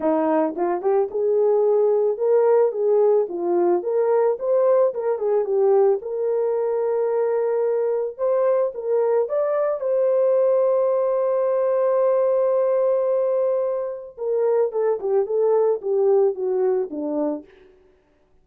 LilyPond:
\new Staff \with { instrumentName = "horn" } { \time 4/4 \tempo 4 = 110 dis'4 f'8 g'8 gis'2 | ais'4 gis'4 f'4 ais'4 | c''4 ais'8 gis'8 g'4 ais'4~ | ais'2. c''4 |
ais'4 d''4 c''2~ | c''1~ | c''2 ais'4 a'8 g'8 | a'4 g'4 fis'4 d'4 | }